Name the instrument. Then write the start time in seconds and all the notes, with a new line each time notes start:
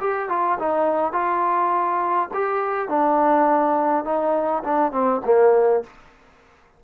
trombone
0.00 G4
0.29 F4
0.59 D#4
1.12 F4
2.33 G4
2.88 D4
4.04 D#4
4.64 D4
4.91 C4
5.25 A#3